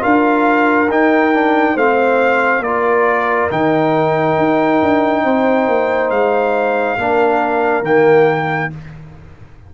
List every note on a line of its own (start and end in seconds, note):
0.00 0.89 D4
0.00 0.87 F4
0.00 1.74 A#4
0.00 0.90 F5
0.89 1.76 D#4
0.89 1.34 D#4
0.89 1.78 G5
1.34 1.77 D4
1.74 2.60 A3
1.74 2.64 C4
1.74 2.61 C5
1.74 2.63 F5
2.60 3.47 A#3
2.60 3.51 F4
2.60 5.24 A#4
2.60 3.50 D5
3.51 4.38 D#3
3.51 6.99 D#4
3.51 6.11 G5
4.38 4.82 D#4
4.82 5.25 D4
5.24 5.68 C4
5.24 6.98 C5
5.68 6.11 A#3
6.11 6.98 G#3
6.11 7.84 F5
6.98 7.82 A#3
6.98 7.84 D4
6.98 8.75 A#4
7.82 8.69 D#3
7.82 8.71 A#3
7.82 8.72 G5